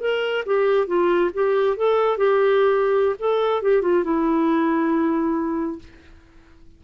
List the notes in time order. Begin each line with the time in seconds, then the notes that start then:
0.00 A#4
0.45 G4
0.87 F4
1.33 G4
1.76 A4
2.17 G4
3.19 A4
3.62 G4
3.82 F4
4.04 E4